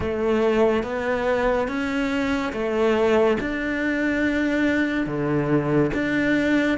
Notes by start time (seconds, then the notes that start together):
0.00 A3
0.83 B3
1.67 C#4
2.52 A3
3.40 D4
5.06 D3
5.93 D4